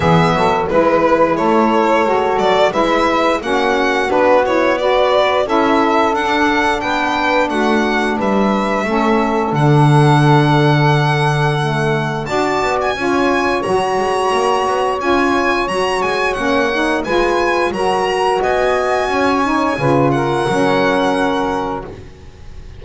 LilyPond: <<
  \new Staff \with { instrumentName = "violin" } { \time 4/4 \tempo 4 = 88 e''4 b'4 cis''4. d''8 | e''4 fis''4 b'8 cis''8 d''4 | e''4 fis''4 g''4 fis''4 | e''2 fis''2~ |
fis''2 a''8. gis''4~ gis''16 | ais''2 gis''4 ais''8 gis''8 | fis''4 gis''4 ais''4 gis''4~ | gis''4. fis''2~ fis''8 | }
  \new Staff \with { instrumentName = "saxophone" } { \time 4/4 gis'8 a'8 b'4 a'2 | b'4 fis'2 b'4 | a'2 b'4 fis'4 | b'4 a'2.~ |
a'2 d''4 cis''4~ | cis''1~ | cis''4 b'4 ais'4 dis''4 | cis''4 b'8 ais'2~ ais'8 | }
  \new Staff \with { instrumentName = "saxophone" } { \time 4/4 b4 e'2 fis'4 | e'4 cis'4 d'8 e'8 fis'4 | e'4 d'2.~ | d'4 cis'4 d'2~ |
d'4 a4 fis'4 f'4 | fis'2 f'4 fis'4 | cis'8 dis'8 f'4 fis'2~ | fis'8 dis'8 f'4 cis'2 | }
  \new Staff \with { instrumentName = "double bass" } { \time 4/4 e8 fis8 gis4 a4 gis8 fis8 | gis4 ais4 b2 | cis'4 d'4 b4 a4 | g4 a4 d2~ |
d2 d'8 b8 cis'4 | fis8 gis8 ais8 b8 cis'4 fis8 gis8 | ais4 gis4 fis4 b4 | cis'4 cis4 fis2 | }
>>